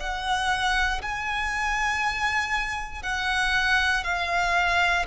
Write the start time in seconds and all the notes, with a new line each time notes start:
0.00 F#5
1.02 G#5
3.03 F#5
4.04 F5